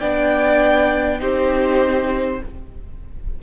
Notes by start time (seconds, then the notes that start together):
0.00 B3 D4 D5 G5
1.19 C4 D#4 G4 C5